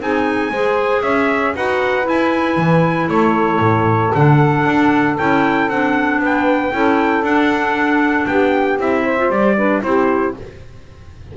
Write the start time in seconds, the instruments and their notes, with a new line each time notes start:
0.00 double bass C4, clarinet D#4, saxophone G#4, trumpet G#5
0.51 double bass G#3, clarinet G#4, saxophone C5
1.02 double bass C#4, saxophone C#5, trumpet E5
1.55 double bass D#4, clarinet F#4, saxophone B4, trumpet F#5
2.03 clarinet E4, double bass E4, trumpet G#5
2.57 double bass E3
3.09 double bass A3, saxophone A4, trumpet C#5
3.60 double bass A2
4.15 double bass D3, clarinet D4, trumpet F#5
4.66 double bass D4
5.18 double bass C#4, clarinet E4, trumpet G5
5.68 double bass C4, clarinet D4, trumpet F#5
6.20 double bass B3, saxophone B4, trumpet G5
6.72 double bass C#4, clarinet E4, saxophone A4
7.23 double bass D4, clarinet D4, trumpet F#5
8.27 double bass B3, saxophone G4, trumpet G5
8.79 double bass C4, clarinet E4, trumpet E5
9.04 saxophone C5
9.18 clarinet F4
9.30 double bass G3, clarinet G4, trumpet D5
9.56 clarinet D4, saxophone B4
9.82 double bass C4, clarinet E4, saxophone G4, trumpet C5